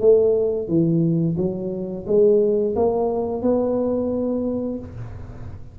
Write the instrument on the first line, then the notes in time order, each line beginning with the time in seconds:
tuba
0.00 A3
0.68 E3
1.38 F#3
2.07 G#3
2.76 A#3
3.42 B3